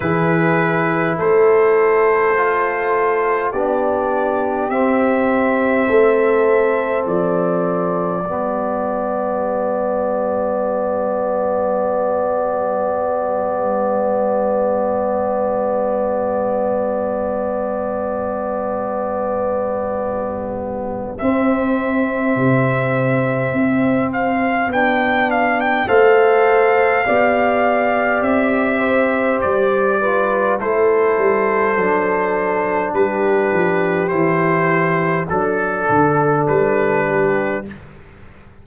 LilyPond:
<<
  \new Staff \with { instrumentName = "trumpet" } { \time 4/4 \tempo 4 = 51 b'4 c''2 d''4 | e''2 d''2~ | d''1~ | d''1~ |
d''2 e''2~ | e''8 f''8 g''8 f''16 g''16 f''2 | e''4 d''4 c''2 | b'4 c''4 a'4 b'4 | }
  \new Staff \with { instrumentName = "horn" } { \time 4/4 gis'4 a'2 g'4~ | g'4 a'2 g'4~ | g'1~ | g'1~ |
g'1~ | g'2 c''4 d''4~ | d''8 c''4 b'8 a'2 | g'2 a'4. g'8 | }
  \new Staff \with { instrumentName = "trombone" } { \time 4/4 e'2 f'4 d'4 | c'2. b4~ | b1~ | b1~ |
b2 c'2~ | c'4 d'4 a'4 g'4~ | g'4. f'8 e'4 d'4~ | d'4 e'4 d'2 | }
  \new Staff \with { instrumentName = "tuba" } { \time 4/4 e4 a2 b4 | c'4 a4 f4 g4~ | g1~ | g1~ |
g2 c'4 c4 | c'4 b4 a4 b4 | c'4 g4 a8 g8 fis4 | g8 f8 e4 fis8 d8 g4 | }
>>